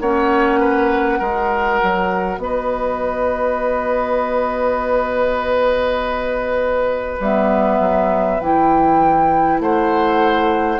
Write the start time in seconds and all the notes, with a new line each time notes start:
0.00 A#3 C#4 C#5 F#5
0.60 B4
1.19 G#3 F#4 A#4
1.83 F#3
2.38 B3 B4 D#5
7.20 G3 B3 E5
7.79 F#3
8.40 E3 E4 G5
9.60 A3 C5 F#5